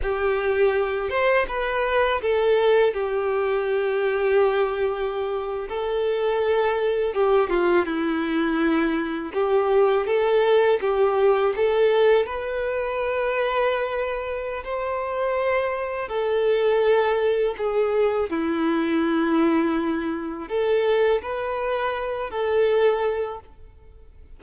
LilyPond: \new Staff \with { instrumentName = "violin" } { \time 4/4 \tempo 4 = 82 g'4. c''8 b'4 a'4 | g'2.~ g'8. a'16~ | a'4.~ a'16 g'8 f'8 e'4~ e'16~ | e'8. g'4 a'4 g'4 a'16~ |
a'8. b'2.~ b'16 | c''2 a'2 | gis'4 e'2. | a'4 b'4. a'4. | }